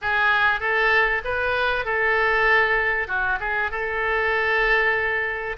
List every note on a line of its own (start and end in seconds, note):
0.01 0.60 G#4
0.60 1.21 A4
1.24 1.85 B4
1.85 3.07 A4
3.07 3.38 F#4
3.40 3.71 G#4
3.71 5.56 A4